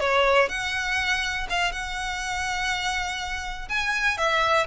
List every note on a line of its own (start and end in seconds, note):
0.00 0.49 C#5
0.49 1.47 F#5
1.49 1.72 F5
1.72 3.69 F#5
3.69 4.17 G#5
4.17 4.67 E5